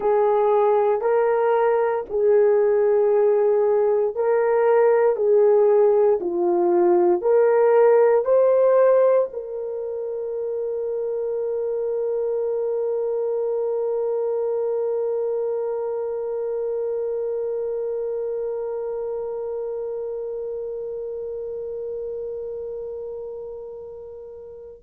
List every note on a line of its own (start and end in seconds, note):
0.00 1.01 G#4
1.01 2.04 A#4
2.09 4.15 G#4
4.15 5.15 A#4
5.15 6.19 G#4
6.20 7.21 F4
7.21 8.25 A#4
8.25 9.28 C5
9.32 24.83 A#4